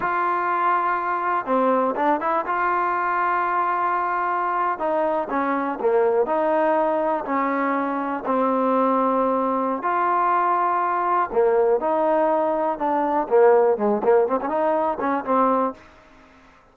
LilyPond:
\new Staff \with { instrumentName = "trombone" } { \time 4/4 \tempo 4 = 122 f'2. c'4 | d'8 e'8 f'2.~ | f'4.~ f'16 dis'4 cis'4 ais16~ | ais8. dis'2 cis'4~ cis'16~ |
cis'8. c'2.~ c'16 | f'2. ais4 | dis'2 d'4 ais4 | gis8 ais8 c'16 cis'16 dis'4 cis'8 c'4 | }